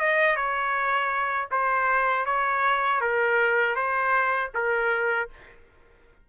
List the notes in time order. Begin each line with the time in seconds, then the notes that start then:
0.00 D#5
0.36 C#5
1.52 C5
2.26 C#5
3.01 A#4
3.76 C5
4.55 A#4